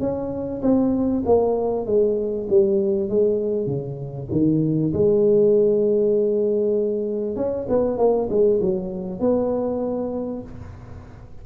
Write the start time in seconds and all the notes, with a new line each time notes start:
0.00 C#4
0.62 C4
1.26 A#3
1.86 G#3
2.49 G3
3.09 G#3
3.67 C#3
4.32 D#3
4.93 G#3
7.36 C#4
7.69 B3
7.98 A#3
8.29 G#3
8.61 F#3
9.20 B3